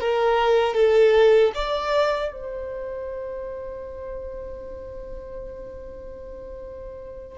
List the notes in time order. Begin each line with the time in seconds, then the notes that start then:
0.00 A#4
0.74 A4
1.54 D5
2.32 C5